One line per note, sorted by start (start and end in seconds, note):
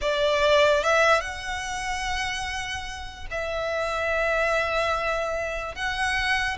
0.01 0.83 D5
0.83 1.20 E5
1.20 3.26 F#5
3.30 5.75 E5
5.75 6.57 F#5